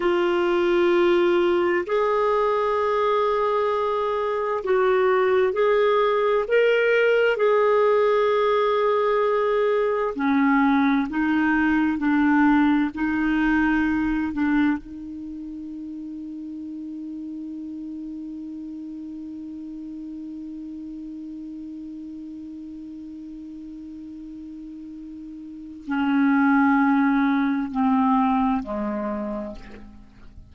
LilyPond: \new Staff \with { instrumentName = "clarinet" } { \time 4/4 \tempo 4 = 65 f'2 gis'2~ | gis'4 fis'4 gis'4 ais'4 | gis'2. cis'4 | dis'4 d'4 dis'4. d'8 |
dis'1~ | dis'1~ | dis'1 | cis'2 c'4 gis4 | }